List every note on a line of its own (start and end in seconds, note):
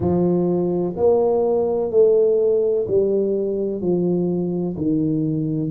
0.00 0.94 F3
0.96 1.90 A#3
1.90 2.86 A3
2.87 3.81 G3
3.81 4.76 F3
4.77 5.70 D#3